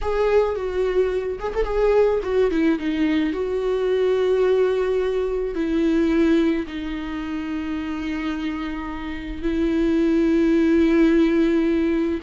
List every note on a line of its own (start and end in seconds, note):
0.01 0.55 G#4
0.55 1.38 F#4
1.39 1.53 G#4
1.54 1.64 A4
1.64 2.20 G#4
2.22 2.50 F#4
2.51 2.78 E4
2.78 3.32 D#4
3.32 5.55 F#4
5.55 6.66 E4
6.66 9.42 D#4
9.42 12.20 E4